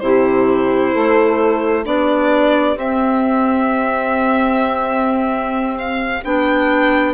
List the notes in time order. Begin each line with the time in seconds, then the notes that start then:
0.00 C3 E4 G4 C5
0.93 A3 A4
1.84 B3 D4 G4 D5
2.76 C4 E5
5.78 F5
6.24 B3 D4 G5